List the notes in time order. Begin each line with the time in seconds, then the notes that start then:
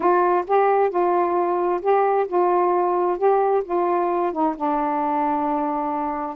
0.00 F4
0.47 G4
0.90 F4
1.81 G4
2.27 F4
3.17 G4
3.64 F4
4.32 D#4
4.56 D4